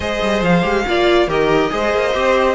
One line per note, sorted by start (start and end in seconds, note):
0.00 0.19 G#3
0.00 0.62 G#4
0.00 0.85 C5
0.00 0.42 D#5
0.22 0.42 G3
0.42 0.62 F3
0.42 1.29 F5
0.62 0.84 G#3
0.62 0.84 G4
0.87 1.27 A#3
0.87 1.28 F4
0.87 1.28 D5
1.27 1.69 D#3
1.27 1.70 G4
1.27 1.71 A#4
1.27 2.55 D#5
1.70 1.93 G#3
1.70 2.12 G#4
1.70 2.55 C5
1.93 2.15 A#3
2.14 2.55 C4
2.14 2.55 G4